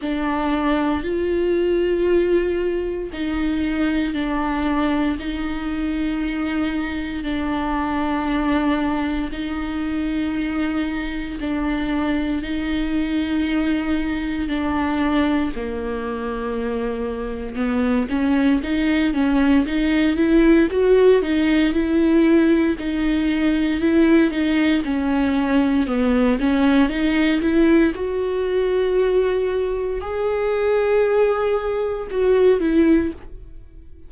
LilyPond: \new Staff \with { instrumentName = "viola" } { \time 4/4 \tempo 4 = 58 d'4 f'2 dis'4 | d'4 dis'2 d'4~ | d'4 dis'2 d'4 | dis'2 d'4 ais4~ |
ais4 b8 cis'8 dis'8 cis'8 dis'8 e'8 | fis'8 dis'8 e'4 dis'4 e'8 dis'8 | cis'4 b8 cis'8 dis'8 e'8 fis'4~ | fis'4 gis'2 fis'8 e'8 | }